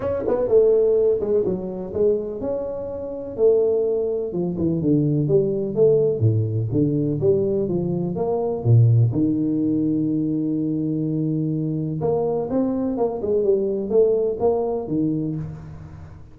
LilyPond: \new Staff \with { instrumentName = "tuba" } { \time 4/4 \tempo 4 = 125 cis'8 b8 a4. gis8 fis4 | gis4 cis'2 a4~ | a4 f8 e8 d4 g4 | a4 a,4 d4 g4 |
f4 ais4 ais,4 dis4~ | dis1~ | dis4 ais4 c'4 ais8 gis8 | g4 a4 ais4 dis4 | }